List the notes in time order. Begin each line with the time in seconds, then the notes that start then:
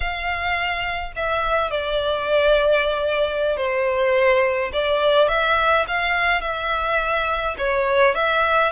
0.00 F5
1.16 E5
1.71 D5
3.57 C5
4.72 D5
5.28 E5
5.87 F5
6.41 E5
7.58 C#5
8.14 E5